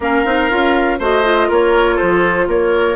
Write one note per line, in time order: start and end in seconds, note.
0.00 0.24 A#3
0.00 0.25 C#4
0.00 0.98 A#4
0.00 1.01 F5
0.25 0.50 C4
0.25 0.49 D#4
0.49 0.99 C#4
0.49 0.99 F4
0.98 1.49 A3
0.98 1.23 F#4
0.98 1.48 C5
0.98 1.51 D#5
1.23 2.96 F4
1.48 1.99 A#3
1.48 1.95 A#4
1.48 1.97 C#5
1.95 2.47 F3
1.95 2.45 A4
1.95 2.47 C5
2.47 2.96 A#3
2.47 2.96 A#4
2.47 2.96 C#5